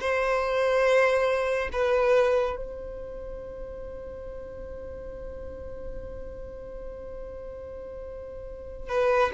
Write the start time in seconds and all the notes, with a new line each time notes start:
0.00 C5
1.72 B4
2.56 C5
8.89 B4